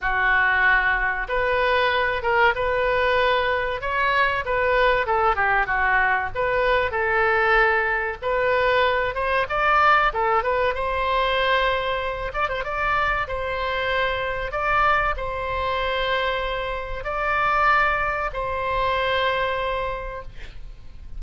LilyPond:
\new Staff \with { instrumentName = "oboe" } { \time 4/4 \tempo 4 = 95 fis'2 b'4. ais'8 | b'2 cis''4 b'4 | a'8 g'8 fis'4 b'4 a'4~ | a'4 b'4. c''8 d''4 |
a'8 b'8 c''2~ c''8 d''16 c''16 | d''4 c''2 d''4 | c''2. d''4~ | d''4 c''2. | }